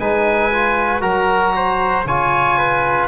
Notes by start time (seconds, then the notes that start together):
0.00 G#3 D#4 B4 G#5
0.52 F4
1.01 F#3 F#4 A#4 A#5
1.57 C5
2.06 C#3 F4 C#5 G#5
2.59 B4